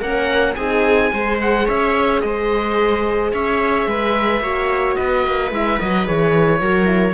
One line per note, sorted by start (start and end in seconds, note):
0.00 0.56 A#3
0.00 0.56 C#4
0.00 0.55 A#4
0.00 0.54 F#5
0.54 1.11 C4
0.54 1.14 D#4
0.54 1.11 G#4
0.54 1.37 G#5
1.13 1.68 G#3
1.13 4.42 G#4
1.13 1.65 C5
1.41 1.68 F#5
1.65 2.23 C#4
1.65 2.20 C#5
1.65 2.20 E5
2.20 3.33 G#3
2.20 3.33 C5
2.20 3.31 D#5
3.33 3.86 C#4
3.33 3.88 C#5
3.33 4.95 E5
3.86 4.40 G#3
3.86 4.43 B4
4.40 4.95 A#3
4.40 5.51 F#4
4.40 4.97 C#5
4.95 5.26 B3
4.95 6.61 B4
4.95 5.50 D#5
5.26 5.51 A#3
5.51 5.78 G#3
5.51 5.79 E4
5.51 5.80 E5
5.79 6.07 F#3
5.79 6.05 F#4
5.79 6.07 D#5
6.05 6.60 E3
6.05 6.60 G#4
6.05 7.14 C#5
6.60 7.14 F#3
6.60 6.85 F#4
6.60 7.14 A#4
6.85 7.13 E4